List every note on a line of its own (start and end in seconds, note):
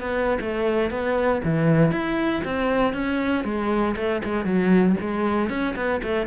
0.00 0.38 B3
0.41 0.90 A3
0.90 1.41 B3
1.44 1.91 E3
1.91 2.42 E4
2.44 2.93 C4
2.93 3.44 C#4
3.44 3.95 G#3
3.96 4.22 A3
4.24 4.44 G#3
4.44 4.95 F#3
5.00 5.49 G#3
5.49 5.75 C#4
5.76 6.01 B3
6.03 6.27 A3